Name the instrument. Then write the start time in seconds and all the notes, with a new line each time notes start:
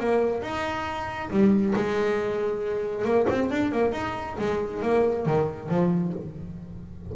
double bass
0.00 A#3
0.42 D#4
1.30 G3
1.76 G#3
3.05 A#3
3.29 C4
3.51 D4
3.72 A#3
3.92 D#4
4.39 G#3
4.82 A#3
5.26 D#3
5.69 F3